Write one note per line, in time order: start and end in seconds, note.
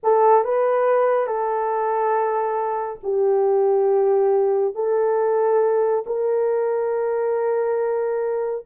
0.03 0.44 A4
0.44 1.26 B4
1.26 2.99 A4
3.03 4.74 G4
4.74 6.04 A4
6.06 8.65 A#4